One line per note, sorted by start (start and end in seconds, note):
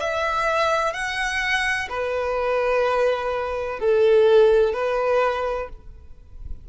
0.00 0.93 E5
0.93 1.88 F#5
1.89 3.79 B4
3.79 4.73 A4
4.73 5.68 B4